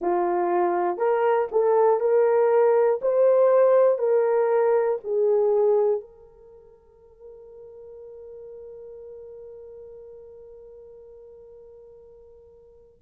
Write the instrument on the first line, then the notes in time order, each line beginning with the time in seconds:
horn
0.00 F4
0.97 A#4
1.51 A4
2.00 A#4
3.01 C5
3.98 A#4
5.04 G#4
6.00 A#4